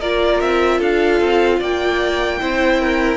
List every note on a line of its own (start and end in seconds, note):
0.00 0.41 A#3
0.00 2.41 F4
0.00 0.79 A#4
0.00 0.41 D5
0.41 0.81 C4
0.41 0.81 E5
0.79 1.21 D4
0.79 1.59 A4
0.79 1.62 F5
1.21 1.61 C4
1.59 2.41 A#3
1.59 2.39 D5
1.59 3.17 G5
2.41 3.17 C4
2.41 3.17 E4
2.41 2.81 C5
2.81 3.17 A#4